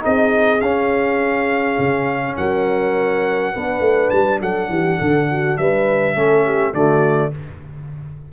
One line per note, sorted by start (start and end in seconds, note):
0.00 0.61 C4
0.00 0.58 D#4
0.00 2.37 G#4
0.00 0.61 D#5
0.61 1.78 C#4
0.61 3.54 C#4
0.61 2.35 F5
1.78 2.37 C#3
2.37 3.54 F#3
2.37 3.52 A#4
2.37 4.10 F#5
3.52 3.80 B3
3.52 6.15 D4
3.52 4.40 B4
3.80 4.09 A3
4.10 4.41 G3
4.10 4.39 A5
4.41 4.69 F#3
4.41 4.70 A4
4.41 5.57 F#5
4.69 4.98 E3
4.69 4.98 G4
4.98 5.58 D3
4.98 5.27 A4
5.31 5.59 F#4
5.57 6.15 G3
5.57 6.15 B4
5.57 6.73 E5
6.15 6.73 A3
6.15 6.73 C#4
6.15 6.44 A4
6.44 6.73 G4
6.73 7.31 D3
6.73 7.31 A3
6.73 7.31 F#4
6.73 7.32 D5